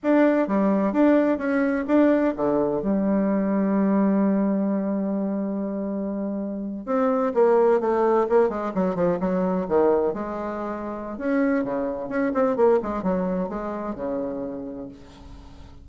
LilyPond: \new Staff \with { instrumentName = "bassoon" } { \time 4/4 \tempo 4 = 129 d'4 g4 d'4 cis'4 | d'4 d4 g2~ | g1~ | g2~ g8. c'4 ais16~ |
ais8. a4 ais8 gis8 fis8 f8 fis16~ | fis8. dis4 gis2~ gis16 | cis'4 cis4 cis'8 c'8 ais8 gis8 | fis4 gis4 cis2 | }